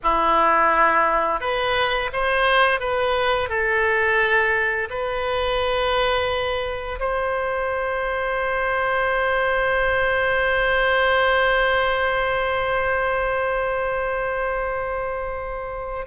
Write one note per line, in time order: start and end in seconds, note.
0.03 1.40 E4
1.40 2.10 B4
2.12 2.80 C5
2.80 3.49 B4
3.49 4.88 A4
4.90 6.99 B4
6.99 16.06 C5